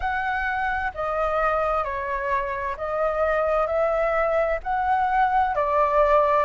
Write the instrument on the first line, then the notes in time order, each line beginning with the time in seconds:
flute
0.00 F#5
0.94 D#5
1.83 C#5
2.77 D#5
3.67 E5
4.63 F#5
5.55 D5